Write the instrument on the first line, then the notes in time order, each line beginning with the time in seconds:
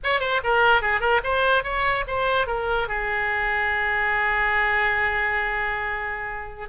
oboe
0.03 C#5
0.20 C5
0.43 A#4
0.81 G#4
1.00 A#4
1.23 C5
1.63 C#5
2.07 C5
2.46 A#4
2.88 G#4